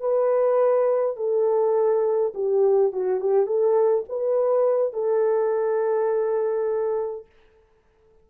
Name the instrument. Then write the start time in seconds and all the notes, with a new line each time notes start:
horn
0.00 B4
1.16 A4
2.34 G4
2.93 F#4
3.21 G4
3.46 A4
4.09 B4
4.93 A4